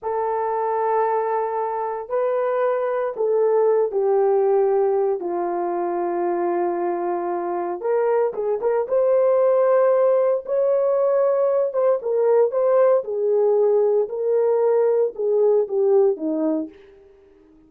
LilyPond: \new Staff \with { instrumentName = "horn" } { \time 4/4 \tempo 4 = 115 a'1 | b'2 a'4. g'8~ | g'2 f'2~ | f'2. ais'4 |
gis'8 ais'8 c''2. | cis''2~ cis''8 c''8 ais'4 | c''4 gis'2 ais'4~ | ais'4 gis'4 g'4 dis'4 | }